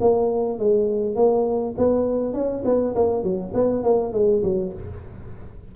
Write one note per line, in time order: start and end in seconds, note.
0.00 0.59 A#3
0.59 1.15 G#3
1.15 1.75 A#3
1.77 2.34 B3
2.34 2.63 C#4
2.64 2.94 B3
2.95 3.23 A#3
3.23 3.53 F#3
3.54 3.83 B3
3.83 4.13 A#3
4.13 4.42 G#3
4.43 4.73 F#3